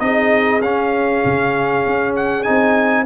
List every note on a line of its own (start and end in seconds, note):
0.00 0.61 C4
0.00 0.61 D#4
0.00 3.07 G#4
0.00 0.61 D#5
0.61 1.22 C#4
0.61 2.45 C#4
0.61 2.15 F5
1.25 1.86 C#3
1.86 2.47 C#4
2.16 2.43 F#5
2.43 3.07 C4
2.43 3.06 D#4
2.43 3.05 G#5